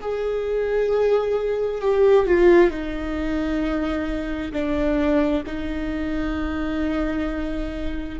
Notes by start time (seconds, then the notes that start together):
0.00 G#4
1.81 G4
2.26 F4
2.70 D#4
4.52 D4
5.46 D#4